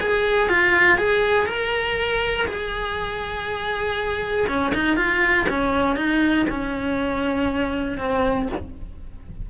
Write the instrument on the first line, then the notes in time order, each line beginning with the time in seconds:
cello
0.00 G#4
0.48 F4
0.98 G#4
1.46 A#4
2.47 G#4
4.47 C#4
4.74 D#4
4.96 F4
5.49 C#4
5.95 D#4
6.49 C#4
7.98 C4